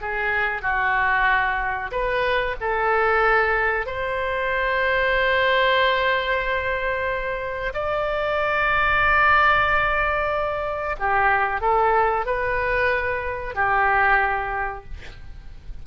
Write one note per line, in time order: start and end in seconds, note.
0.00 0.62 G#4
0.62 1.91 F#4
1.91 2.56 B4
2.60 3.86 A4
3.86 7.73 C5
7.73 10.96 D5
10.99 11.61 G4
11.61 12.26 A4
12.26 13.55 B4
13.55 14.84 G4